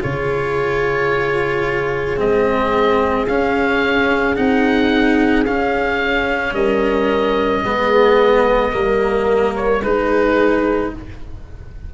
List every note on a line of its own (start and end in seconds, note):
0.00 2.19 C#3
0.00 2.17 F4
0.00 6.55 G#4
0.00 2.20 C#5
2.17 3.27 G#3
2.17 3.27 C4
2.17 3.27 D#5
3.27 4.36 C#4
3.27 4.37 C#4
3.27 4.36 F5
4.36 5.47 C4
4.36 5.46 D#4
4.36 5.45 F#5
5.46 6.53 C#4
5.46 7.65 C#4
5.46 6.54 F5
6.53 7.62 G3
6.53 7.64 A#4
6.53 9.54 D#5
7.64 8.73 G#3
7.64 8.73 B3
7.64 8.72 G#4
8.72 9.82 G3
8.72 9.82 A#3
8.72 9.81 A#4
9.56 9.83 C#5
9.82 10.91 G#3
9.82 10.94 D#4
9.82 10.94 G#4
9.82 10.92 B4